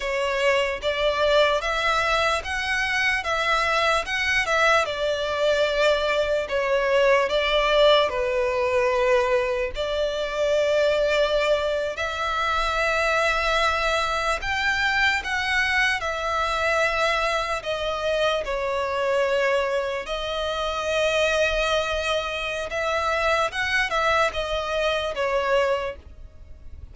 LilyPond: \new Staff \with { instrumentName = "violin" } { \time 4/4 \tempo 4 = 74 cis''4 d''4 e''4 fis''4 | e''4 fis''8 e''8 d''2 | cis''4 d''4 b'2 | d''2~ d''8. e''4~ e''16~ |
e''4.~ e''16 g''4 fis''4 e''16~ | e''4.~ e''16 dis''4 cis''4~ cis''16~ | cis''8. dis''2.~ dis''16 | e''4 fis''8 e''8 dis''4 cis''4 | }